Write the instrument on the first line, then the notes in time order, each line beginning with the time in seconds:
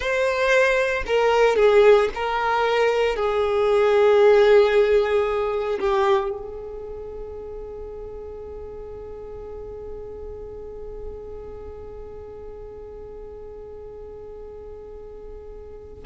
violin
0.00 C5
1.06 A#4
1.56 G#4
2.14 A#4
3.16 G#4
5.79 G4
6.30 G#4